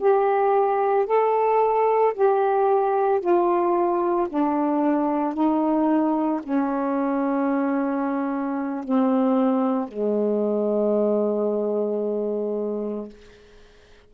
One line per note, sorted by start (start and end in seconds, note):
0.00 1.07 G4
1.07 2.14 A4
2.15 3.21 G4
3.21 4.28 F4
4.30 5.34 D4
5.34 6.41 D#4
6.43 8.84 C#4
8.84 9.89 C4
9.89 13.10 G#3